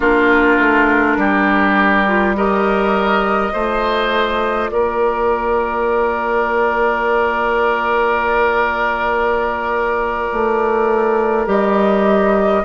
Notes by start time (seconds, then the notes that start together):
0.00 A#3 D4 F4 A#4
0.59 A3
1.16 G3 G4
2.06 F4
2.36 G4 A#4 D#5
3.52 A3 F4 C5
4.69 A#3 A#4 D5
10.32 A3
11.45 G3 G4 D#5